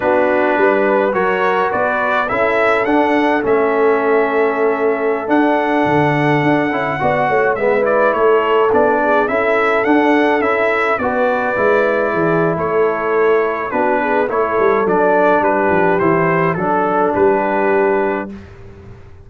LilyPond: <<
  \new Staff \with { instrumentName = "trumpet" } { \time 4/4 \tempo 4 = 105 b'2 cis''4 d''4 | e''4 fis''4 e''2~ | e''4~ e''16 fis''2~ fis''8.~ | fis''4~ fis''16 e''8 d''8 cis''4 d''8.~ |
d''16 e''4 fis''4 e''4 d''8.~ | d''2 cis''2 | b'4 cis''4 d''4 b'4 | c''4 a'4 b'2 | }
  \new Staff \with { instrumentName = "horn" } { \time 4/4 fis'4 b'4 ais'4 b'4 | a'1~ | a'1~ | a'16 d''8 cis''8 b'4 a'4. gis'16~ |
gis'16 a'2. b'8.~ | b'4~ b'16 gis'8. a'2 | fis'8 gis'8 a'2 g'4~ | g'4 a'4 g'2 | }
  \new Staff \with { instrumentName = "trombone" } { \time 4/4 d'2 fis'2 | e'4 d'4 cis'2~ | cis'4~ cis'16 d'2~ d'8 e'16~ | e'16 fis'4 b8 e'4. d'8.~ |
d'16 e'4 d'4 e'4 fis'8.~ | fis'16 e'2.~ e'8. | d'4 e'4 d'2 | e'4 d'2. | }
  \new Staff \with { instrumentName = "tuba" } { \time 4/4 b4 g4 fis4 b4 | cis'4 d'4 a2~ | a4~ a16 d'4 d4 d'8 cis'16~ | cis'16 b8 a8 gis4 a4 b8.~ |
b16 cis'4 d'4 cis'4 b8.~ | b16 gis4 e8. a2 | b4 a8 g8 fis4 g8 f8 | e4 fis4 g2 | }
>>